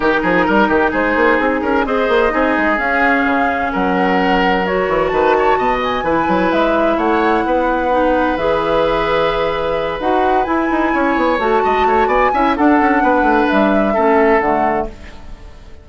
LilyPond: <<
  \new Staff \with { instrumentName = "flute" } { \time 4/4 \tempo 4 = 129 ais'2 c''4 gis'4 | dis''2 f''2 | fis''2 cis''4 a''4~ | a''8 gis''4. e''4 fis''4~ |
fis''2 e''2~ | e''4. fis''4 gis''4.~ | gis''8 a''4. gis''4 fis''4~ | fis''4 e''2 fis''4 | }
  \new Staff \with { instrumentName = "oboe" } { \time 4/4 g'8 gis'8 ais'8 g'8 gis'4. ais'8 | c''4 gis'2. | ais'2. b'8 cis''8 | dis''4 b'2 cis''4 |
b'1~ | b'2.~ b'8 cis''8~ | cis''4 dis''8 cis''8 d''8 e''8 a'4 | b'2 a'2 | }
  \new Staff \with { instrumentName = "clarinet" } { \time 4/4 dis'1 | gis'4 dis'4 cis'2~ | cis'2 fis'2~ | fis'4 e'2.~ |
e'4 dis'4 gis'2~ | gis'4. fis'4 e'4.~ | e'8 fis'2 e'8 d'4~ | d'2 cis'4 a4 | }
  \new Staff \with { instrumentName = "bassoon" } { \time 4/4 dis8 f8 g8 dis8 gis8 ais8 c'8 cis'8 | c'8 ais8 c'8 gis8 cis'4 cis4 | fis2~ fis8 e8 dis4 | b,4 e8 fis8 gis4 a4 |
b2 e2~ | e4. dis'4 e'8 dis'8 cis'8 | b8 a8 gis8 a8 b8 cis'8 d'8 cis'8 | b8 a8 g4 a4 d4 | }
>>